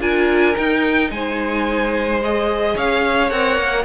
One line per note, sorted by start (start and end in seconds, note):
0.00 0.55 D4
0.00 0.55 F4
0.00 1.10 A#4
0.00 0.56 G#5
0.55 2.19 D#4
0.55 1.11 D#4
0.55 1.10 G5
1.11 2.74 G#3
1.11 2.74 C5
1.11 2.20 G#5
2.23 3.30 G#4
2.23 2.77 D#5
2.74 3.31 C#4
2.74 3.84 C#5
2.74 3.30 F5
3.30 3.57 C4
3.30 3.84 A#4
3.30 3.84 F#5
3.57 3.84 A#3